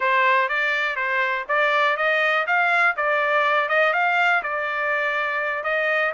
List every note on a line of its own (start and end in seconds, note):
0.00 0.48 C5
0.48 0.95 D5
0.95 1.45 C5
1.48 1.96 D5
1.96 2.45 D#5
2.46 2.96 F5
2.96 3.68 D5
3.68 3.93 D#5
3.93 4.42 F5
4.43 5.63 D5
5.63 6.12 D#5